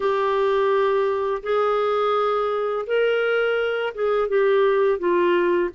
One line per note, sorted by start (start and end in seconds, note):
0.00 1.42 G4
1.42 2.85 G#4
2.86 3.93 A#4
3.94 4.28 G#4
4.28 4.98 G4
4.98 5.69 F4